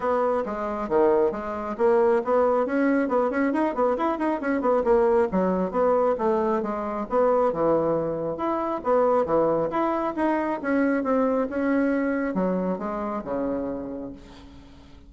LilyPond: \new Staff \with { instrumentName = "bassoon" } { \time 4/4 \tempo 4 = 136 b4 gis4 dis4 gis4 | ais4 b4 cis'4 b8 cis'8 | dis'8 b8 e'8 dis'8 cis'8 b8 ais4 | fis4 b4 a4 gis4 |
b4 e2 e'4 | b4 e4 e'4 dis'4 | cis'4 c'4 cis'2 | fis4 gis4 cis2 | }